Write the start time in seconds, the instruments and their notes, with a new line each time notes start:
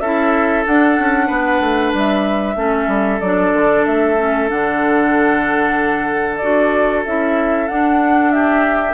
0.00 bassoon C#4, clarinet E4, oboe A4, flute E5
0.66 clarinet D4, bassoon D4, flute F#5
0.99 bassoon C#4
1.27 bassoon B3, oboe B4
1.60 bassoon A3
1.93 bassoon G3, flute E5
2.55 bassoon A3, clarinet C#4, oboe A4
2.87 bassoon G3
3.21 bassoon F#3, clarinet D4, flute D5
3.53 bassoon D3
3.85 bassoon A3, flute E5
4.18 clarinet C#4
4.48 bassoon D3, clarinet D4, flute F#5
6.37 bassoon D4, clarinet F#4, flute D5
7.05 bassoon C#4, clarinet E4, flute E5
7.68 clarinet D4, bassoon D4, flute F#5
8.31 oboe G4, flute E5